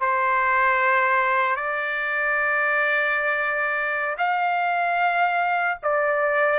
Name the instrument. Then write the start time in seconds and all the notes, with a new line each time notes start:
trumpet
0.00 C5
1.56 D5
4.17 F5
5.83 D5